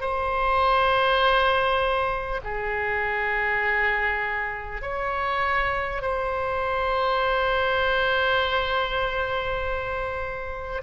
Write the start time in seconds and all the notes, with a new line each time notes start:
0.00 C5
2.43 G#4
4.81 C#5
6.02 C5